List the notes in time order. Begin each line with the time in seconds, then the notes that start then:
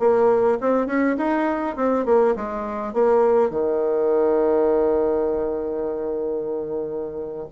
0.00 A#3
0.61 C4
0.87 C#4
1.18 D#4
1.77 C4
2.06 A#3
2.36 G#3
2.94 A#3
3.51 D#3